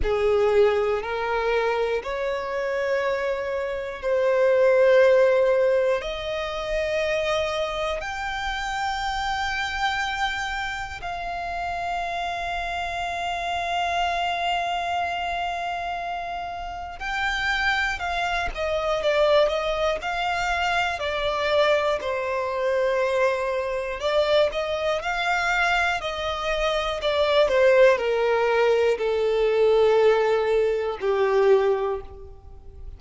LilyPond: \new Staff \with { instrumentName = "violin" } { \time 4/4 \tempo 4 = 60 gis'4 ais'4 cis''2 | c''2 dis''2 | g''2. f''4~ | f''1~ |
f''4 g''4 f''8 dis''8 d''8 dis''8 | f''4 d''4 c''2 | d''8 dis''8 f''4 dis''4 d''8 c''8 | ais'4 a'2 g'4 | }